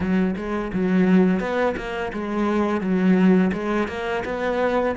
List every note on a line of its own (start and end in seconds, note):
0.00 0.35 F#3
0.36 0.71 G#3
0.73 1.40 F#3
1.40 1.75 B3
1.76 2.12 A#3
2.12 2.80 G#3
2.80 3.51 F#3
3.52 3.88 G#3
3.88 4.23 A#3
4.24 4.95 B3